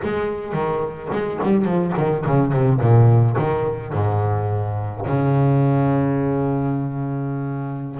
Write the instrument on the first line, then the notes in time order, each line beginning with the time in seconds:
double bass
0.03 G#3
0.53 D#3
1.12 G#3
1.43 G3
1.64 F3
1.97 D#3
2.26 C#3
2.52 C3
2.80 A#2
3.38 D#3
3.93 G#2
5.06 C#3